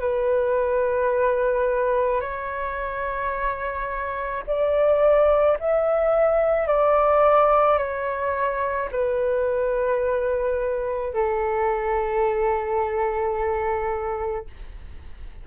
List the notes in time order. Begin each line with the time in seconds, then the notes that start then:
0.00 B4
2.21 C#5
4.46 D5
5.60 E5
6.67 D5
7.78 C#5
8.91 B4
11.14 A4